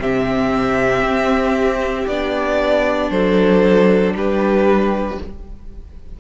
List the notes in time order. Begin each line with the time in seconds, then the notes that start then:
0.00 C3 C4 G4 E5
1.02 C4
2.07 B3 D4 D5
3.11 F#3 A4 C5
4.15 G3 G4 B4